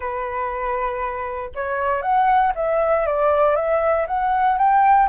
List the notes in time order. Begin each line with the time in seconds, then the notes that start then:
0.00 B4
1.54 C#5
2.02 F#5
2.55 E5
3.06 D5
3.55 E5
4.07 F#5
4.57 G5